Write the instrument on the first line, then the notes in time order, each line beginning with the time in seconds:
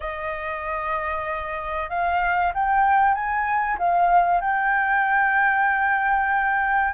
flute
0.00 D#5
1.89 F5
2.53 G5
3.14 G#5
3.78 F5
4.40 G5